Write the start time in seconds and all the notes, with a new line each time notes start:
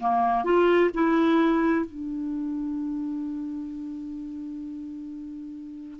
0.00 A#3
0.44 F4
0.94 E4
1.85 D4